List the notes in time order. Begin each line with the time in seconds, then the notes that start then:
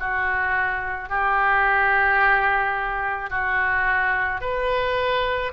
0.00 F#4
1.10 G4
3.30 F#4
4.41 B4